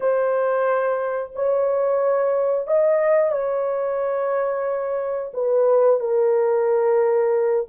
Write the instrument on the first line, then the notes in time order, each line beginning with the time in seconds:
horn
0.00 C5
1.35 C#5
2.67 D#5
3.32 C#5
5.33 B4
6.00 A#4